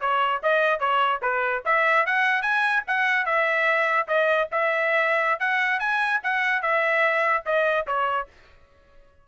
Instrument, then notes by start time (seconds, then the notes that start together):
trumpet
0.00 C#5
0.42 D#5
0.79 C#5
1.22 B4
1.65 E5
2.06 F#5
2.42 G#5
2.87 F#5
3.25 E5
4.07 D#5
4.51 E5
5.39 F#5
5.79 G#5
6.23 F#5
6.62 E5
7.45 D#5
7.87 C#5